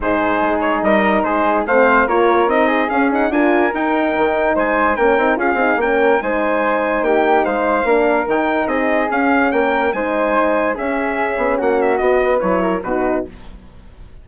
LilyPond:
<<
  \new Staff \with { instrumentName = "trumpet" } { \time 4/4 \tempo 4 = 145 c''4. cis''8 dis''4 c''4 | f''4 cis''4 dis''4 f''8 fis''8 | gis''4 g''2 gis''4 | g''4 f''4 g''4 gis''4~ |
gis''4 g''4 f''2 | g''4 dis''4 f''4 g''4 | gis''2 e''2 | fis''8 e''8 dis''4 cis''4 b'4 | }
  \new Staff \with { instrumentName = "flute" } { \time 4/4 gis'2 ais'4 gis'4 | c''4 ais'4. gis'4. | ais'2. c''4 | ais'4 gis'4 ais'4 c''4~ |
c''4 g'4 c''4 ais'4~ | ais'4 gis'2 ais'4 | c''2 gis'2 | fis'4. b'4 ais'8 fis'4 | }
  \new Staff \with { instrumentName = "horn" } { \time 4/4 dis'1 | c'4 f'4 dis'4 cis'8 dis'8 | f'4 dis'2. | cis'8 dis'8 f'8 dis'8 cis'4 dis'4~ |
dis'2. d'4 | dis'2 cis'2 | dis'2 cis'2~ | cis'4 fis'4 e'4 dis'4 | }
  \new Staff \with { instrumentName = "bassoon" } { \time 4/4 gis,4 gis4 g4 gis4 | a4 ais4 c'4 cis'4 | d'4 dis'4 dis4 gis4 | ais8 c'8 cis'8 c'8 ais4 gis4~ |
gis4 ais4 gis4 ais4 | dis4 c'4 cis'4 ais4 | gis2 cis'4. b8 | ais4 b4 fis4 b,4 | }
>>